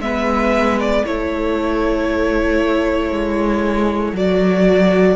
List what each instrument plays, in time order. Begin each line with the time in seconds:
0.00 cello G#3, viola B3, violin B4 E5
0.80 violin D5
1.05 cello A3, viola E4, violin A4 C#5
3.11 cello G#3
4.13 cello F#3, viola F#4, violin D5